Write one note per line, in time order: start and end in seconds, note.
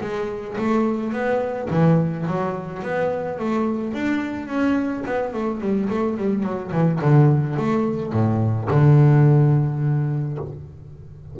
0.00 0.56 G#3
0.58 1.12 A3
1.12 1.68 B3
1.70 2.26 E3
2.26 2.82 F#3
2.82 3.38 B3
3.39 3.93 A3
3.93 4.47 D4
4.47 5.03 C#4
5.05 5.33 B3
5.33 5.60 A3
5.60 5.88 G3
5.89 6.17 A3
6.17 6.43 G3
6.43 6.71 F#3
6.71 6.99 E3
7.00 7.56 D3
7.56 8.12 A3
8.12 8.68 A2
8.70 10.38 D3